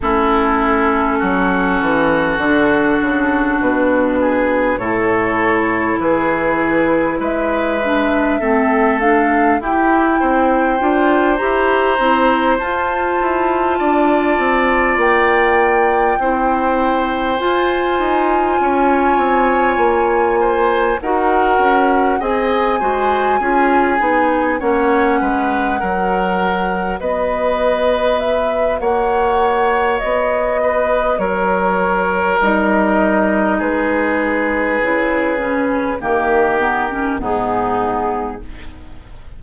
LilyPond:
<<
  \new Staff \with { instrumentName = "flute" } { \time 4/4 \tempo 4 = 50 a'2. b'4 | cis''4 b'4 e''4. f''8 | g''4. ais''4 a''4.~ | a''8 g''2 gis''4.~ |
gis''4. fis''4 gis''4.~ | gis''8 fis''2 dis''4 e''8 | fis''4 dis''4 cis''4 dis''4 | b'2 ais'4 gis'4 | }
  \new Staff \with { instrumentName = "oboe" } { \time 4/4 e'4 fis'2~ fis'8 gis'8 | a'4 gis'4 b'4 a'4 | g'8 c''2. d''8~ | d''4. c''2 cis''8~ |
cis''4 c''8 ais'4 dis''8 c''8 gis'8~ | gis'8 cis''8 b'8 ais'4 b'4. | cis''4. b'8 ais'2 | gis'2 g'4 dis'4 | }
  \new Staff \with { instrumentName = "clarinet" } { \time 4/4 cis'2 d'2 | e'2~ e'8 d'8 c'8 d'8 | e'4 f'8 g'8 e'8 f'4.~ | f'4. e'4 f'4.~ |
f'4. fis'4 gis'8 fis'8 f'8 | dis'8 cis'4 fis'2~ fis'8~ | fis'2. dis'4~ | dis'4 e'8 cis'8 ais8 b16 cis'16 b4 | }
  \new Staff \with { instrumentName = "bassoon" } { \time 4/4 a4 fis8 e8 d8 cis8 b,4 | a,4 e4 gis4 a4 | e'8 c'8 d'8 e'8 c'8 f'8 e'8 d'8 | c'8 ais4 c'4 f'8 dis'8 cis'8 |
c'8 ais4 dis'8 cis'8 c'8 gis8 cis'8 | b8 ais8 gis8 fis4 b4. | ais4 b4 fis4 g4 | gis4 cis4 dis4 gis,4 | }
>>